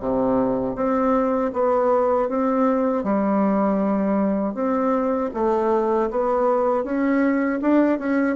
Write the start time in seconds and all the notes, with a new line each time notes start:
0.00 C3
0.76 C4
1.53 B3
2.29 C4
3.04 G3
4.55 C4
5.34 A3
6.11 B3
6.84 C#4
7.62 D4
7.99 C#4